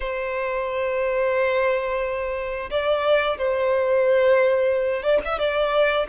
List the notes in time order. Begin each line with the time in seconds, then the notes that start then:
0.00 C5
2.70 D5
3.37 C5
5.02 D5
5.24 E5
5.38 D5